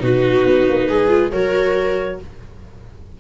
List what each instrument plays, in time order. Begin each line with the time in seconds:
0.00 tuba B2, viola D#4 F#4, clarinet B4
0.45 tuba B3
0.69 tuba A#3
0.88 tuba G#3, viola G#4
1.08 viola F4
1.32 tuba F#3, viola F#4 A#4, clarinet C#5